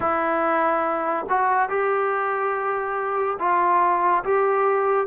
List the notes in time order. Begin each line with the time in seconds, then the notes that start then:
0.00 E4
1.29 F#4
1.69 G4
3.39 F4
4.24 G4